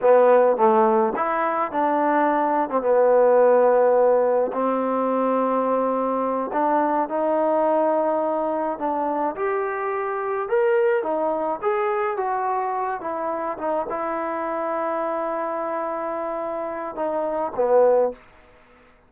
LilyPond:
\new Staff \with { instrumentName = "trombone" } { \time 4/4 \tempo 4 = 106 b4 a4 e'4 d'4~ | d'8. c'16 b2. | c'2.~ c'8 d'8~ | d'8 dis'2. d'8~ |
d'8 g'2 ais'4 dis'8~ | dis'8 gis'4 fis'4. e'4 | dis'8 e'2.~ e'8~ | e'2 dis'4 b4 | }